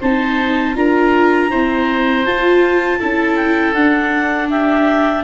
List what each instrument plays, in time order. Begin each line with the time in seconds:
0.00 tuba C4, viola D#4, oboe C5, clarinet A5
0.74 tuba D4, viola F4, oboe A#4, clarinet A#5
1.50 viola C4, tuba E4, oboe C5
2.25 viola F4, tuba F4, clarinet A5
2.99 tuba C#4, viola E4, oboe A4
3.36 clarinet G5
3.74 tuba D4, viola D4, clarinet F#5
4.49 oboe G4, clarinet E5